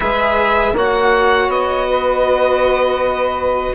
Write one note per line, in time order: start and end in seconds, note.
0.00 0.73 G#3
0.00 0.73 G#4
0.00 0.74 B4
0.00 0.75 E5
0.73 1.48 A#3
0.73 3.75 F#4
0.73 1.88 C#5
0.73 1.50 F#5
1.48 3.73 B3
1.48 3.75 D#5
1.88 3.75 B4